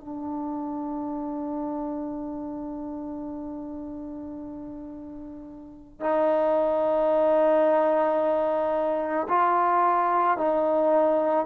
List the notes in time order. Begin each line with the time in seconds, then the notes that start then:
0.00 D4
6.00 D#4
9.28 F4
10.37 D#4